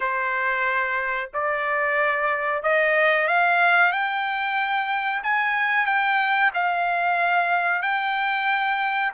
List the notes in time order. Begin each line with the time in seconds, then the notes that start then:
0.00 C5
1.33 D5
2.62 D#5
3.27 F5
3.92 G5
5.23 G#5
5.86 G5
6.54 F5
7.82 G5